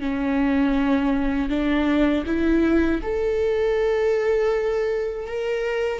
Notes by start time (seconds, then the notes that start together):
0.00 C#4
1.50 D4
2.27 E4
3.02 A4
5.27 A#4